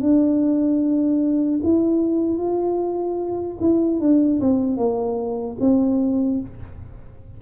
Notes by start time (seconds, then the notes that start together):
0.00 D4
1.63 E4
2.37 F4
3.60 E4
4.00 D4
4.40 C4
4.76 A#3
5.60 C4